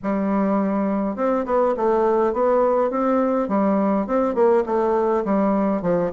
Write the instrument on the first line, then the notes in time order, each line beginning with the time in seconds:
bassoon
0.02 G3
1.16 C4
1.45 B3
1.76 A3
2.33 B3
2.90 C4
3.48 G3
4.06 C4
4.34 A#3
4.66 A3
5.25 G3
5.82 F3